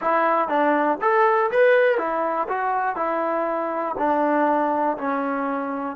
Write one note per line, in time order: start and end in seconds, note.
0.01 0.48 E4
0.48 0.97 D4
1.01 1.50 A4
1.51 1.97 B4
1.97 2.47 E4
2.48 2.95 F#4
2.95 3.95 E4
3.98 4.97 D4
4.97 5.95 C#4